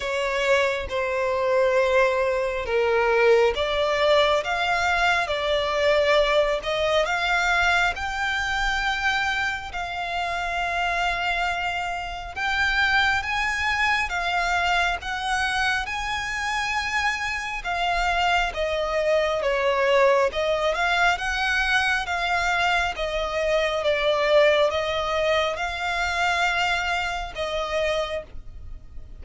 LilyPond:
\new Staff \with { instrumentName = "violin" } { \time 4/4 \tempo 4 = 68 cis''4 c''2 ais'4 | d''4 f''4 d''4. dis''8 | f''4 g''2 f''4~ | f''2 g''4 gis''4 |
f''4 fis''4 gis''2 | f''4 dis''4 cis''4 dis''8 f''8 | fis''4 f''4 dis''4 d''4 | dis''4 f''2 dis''4 | }